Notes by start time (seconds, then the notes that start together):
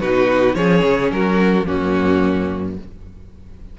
0.00 B2 D#4 F#4 B4
0.55 F3 C#4 G#4 C#5
0.83 C#3
1.11 F#3 F#4 A#4
1.66 F#2 A#3 C#4 F#4